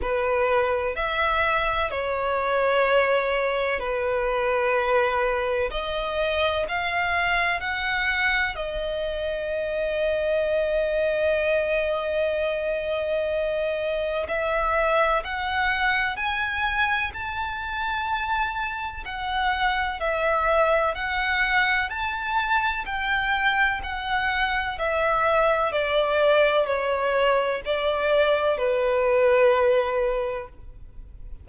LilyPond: \new Staff \with { instrumentName = "violin" } { \time 4/4 \tempo 4 = 63 b'4 e''4 cis''2 | b'2 dis''4 f''4 | fis''4 dis''2.~ | dis''2. e''4 |
fis''4 gis''4 a''2 | fis''4 e''4 fis''4 a''4 | g''4 fis''4 e''4 d''4 | cis''4 d''4 b'2 | }